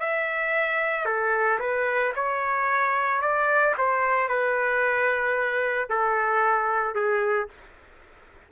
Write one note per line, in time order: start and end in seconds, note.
0.00 1.06 E5
1.06 1.59 A4
1.60 2.13 B4
2.16 3.21 C#5
3.21 3.75 D5
3.78 4.29 C5
4.29 5.89 B4
5.89 6.95 A4
6.95 7.49 G#4